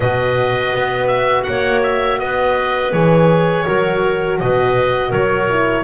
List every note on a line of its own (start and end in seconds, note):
0.00 0.73 B2
0.00 2.92 F#4
0.00 1.44 B4
0.00 1.07 D#5
0.73 1.46 B3
1.07 1.43 E5
1.43 2.19 A#3
1.43 2.20 C#5
1.43 1.79 F#5
1.82 2.19 E5
2.19 2.92 B3
2.19 3.66 B4
2.19 2.92 D#5
2.92 3.66 E3
2.92 3.65 G#4
2.92 4.38 C#5
3.65 4.40 F#3
3.65 5.48 F#4
3.65 4.39 A#4
4.39 5.12 B2
4.39 5.09 B4
4.39 5.12 D#5
5.09 5.84 F#3
5.09 5.82 A#4
5.09 5.84 C#5
5.49 5.84 E4